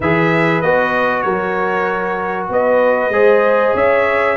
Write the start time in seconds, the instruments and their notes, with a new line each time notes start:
0.00 tuba E3, trombone G#4, horn B4, trumpet E5
0.61 tuba B3, trombone F#4, trumpet D#5
1.21 tuba F#3, horn A#4, trumpet C#5
2.49 tuba B3, horn B4, trumpet D#5
3.09 tuba G#3, trombone G#4, horn C5
3.74 tuba C#4, horn C#5, trumpet E5